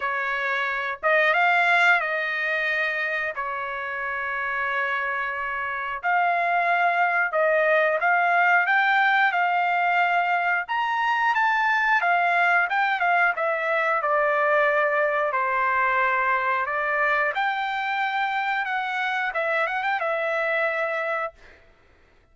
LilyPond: \new Staff \with { instrumentName = "trumpet" } { \time 4/4 \tempo 4 = 90 cis''4. dis''8 f''4 dis''4~ | dis''4 cis''2.~ | cis''4 f''2 dis''4 | f''4 g''4 f''2 |
ais''4 a''4 f''4 g''8 f''8 | e''4 d''2 c''4~ | c''4 d''4 g''2 | fis''4 e''8 fis''16 g''16 e''2 | }